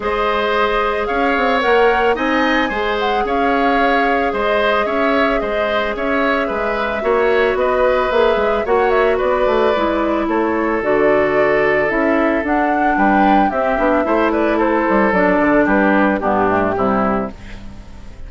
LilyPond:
<<
  \new Staff \with { instrumentName = "flute" } { \time 4/4 \tempo 4 = 111 dis''2 f''4 fis''4 | gis''4. fis''8 f''2 | dis''4 e''4 dis''4 e''4~ | e''2 dis''4 e''4 |
fis''8 e''8 d''2 cis''4 | d''2 e''4 fis''4 | g''4 e''4. d''8 c''4 | d''4 b'4 g'2 | }
  \new Staff \with { instrumentName = "oboe" } { \time 4/4 c''2 cis''2 | dis''4 c''4 cis''2 | c''4 cis''4 c''4 cis''4 | b'4 cis''4 b'2 |
cis''4 b'2 a'4~ | a'1 | b'4 g'4 c''8 b'8 a'4~ | a'4 g'4 d'4 e'4 | }
  \new Staff \with { instrumentName = "clarinet" } { \time 4/4 gis'2. ais'4 | dis'4 gis'2.~ | gis'1~ | gis'4 fis'2 gis'4 |
fis'2 e'2 | fis'2 e'4 d'4~ | d'4 c'8 d'8 e'2 | d'2 b8 a8 g4 | }
  \new Staff \with { instrumentName = "bassoon" } { \time 4/4 gis2 cis'8 c'8 ais4 | c'4 gis4 cis'2 | gis4 cis'4 gis4 cis'4 | gis4 ais4 b4 ais8 gis8 |
ais4 b8 a8 gis4 a4 | d2 cis'4 d'4 | g4 c'8 b8 a4. g8 | fis8 d8 g4 g,4 c4 | }
>>